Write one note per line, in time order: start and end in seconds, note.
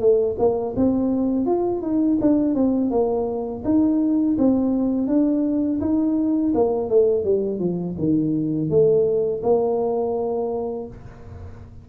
0.00 0.36 A3
0.39 0.75 A#3
0.77 1.46 C4
1.46 1.82 F4
1.82 2.19 D#4
2.21 2.55 D4
2.55 2.91 C4
2.91 3.63 A#3
3.65 4.37 D#4
4.38 5.08 C4
5.08 5.80 D4
5.81 6.53 D#4
6.55 6.90 A#3
6.90 7.25 A3
7.25 7.60 G3
7.60 7.96 F3
7.98 8.70 D#3
8.70 9.42 A3
9.43 10.88 A#3